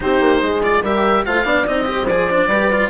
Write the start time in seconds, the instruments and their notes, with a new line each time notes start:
0.00 bassoon C4, cello D#4, horn G4, oboe C5
0.21 bassoon A#3
0.42 bassoon G#3, horn G#4
0.62 cello F4, oboe D5
0.81 bassoon G3, cello G4, horn A#4, oboe E5
1.25 bassoon A3, cello F4, horn C5, oboe F5
1.44 bassoon B3, cello D4, horn D5
1.66 bassoon C4, cello D#4, oboe D#5
1.84 cello G4, horn C5
2.07 bassoon F3, cello G#4, oboe D5
2.30 cello D4
2.47 bassoon G3, cello G4, horn B4
2.72 cello F4